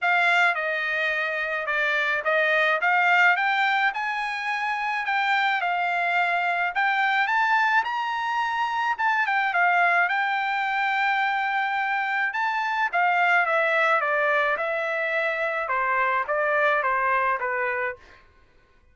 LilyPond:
\new Staff \with { instrumentName = "trumpet" } { \time 4/4 \tempo 4 = 107 f''4 dis''2 d''4 | dis''4 f''4 g''4 gis''4~ | gis''4 g''4 f''2 | g''4 a''4 ais''2 |
a''8 g''8 f''4 g''2~ | g''2 a''4 f''4 | e''4 d''4 e''2 | c''4 d''4 c''4 b'4 | }